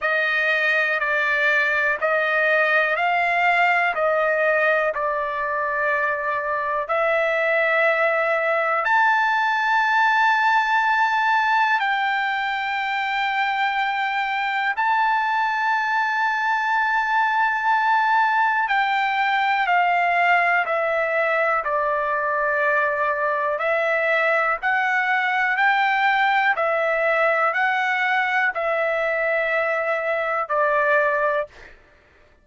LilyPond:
\new Staff \with { instrumentName = "trumpet" } { \time 4/4 \tempo 4 = 61 dis''4 d''4 dis''4 f''4 | dis''4 d''2 e''4~ | e''4 a''2. | g''2. a''4~ |
a''2. g''4 | f''4 e''4 d''2 | e''4 fis''4 g''4 e''4 | fis''4 e''2 d''4 | }